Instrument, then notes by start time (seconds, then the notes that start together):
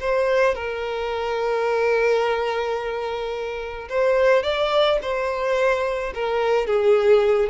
violin
0.00 C5
0.55 A#4
3.89 C5
4.43 D5
5.02 C5
6.15 A#4
6.67 G#4